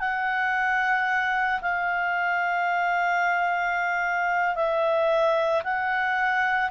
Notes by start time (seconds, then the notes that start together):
0.00 F#5
1.62 F5
4.55 E5
5.64 F#5